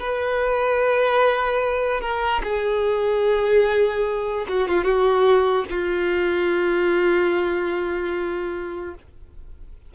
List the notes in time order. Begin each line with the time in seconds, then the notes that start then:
0.00 B4
2.01 A#4
2.44 G#4
4.49 F#4
4.68 F4
4.84 F#4
5.71 F4